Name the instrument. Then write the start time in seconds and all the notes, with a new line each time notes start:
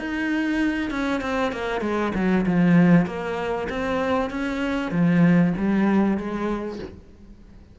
cello
0.00 D#4
0.91 C#4
1.22 C4
1.53 A#3
1.82 G#3
2.15 F#3
2.47 F3
3.06 A#3
3.70 C4
4.31 C#4
4.92 F3
5.58 G3
6.18 G#3